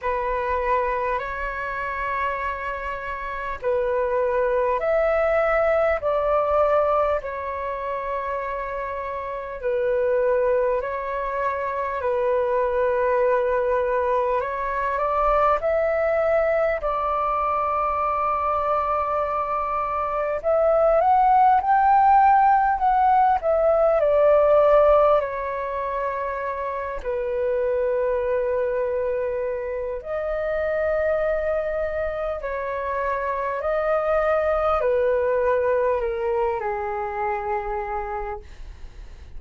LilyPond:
\new Staff \with { instrumentName = "flute" } { \time 4/4 \tempo 4 = 50 b'4 cis''2 b'4 | e''4 d''4 cis''2 | b'4 cis''4 b'2 | cis''8 d''8 e''4 d''2~ |
d''4 e''8 fis''8 g''4 fis''8 e''8 | d''4 cis''4. b'4.~ | b'4 dis''2 cis''4 | dis''4 b'4 ais'8 gis'4. | }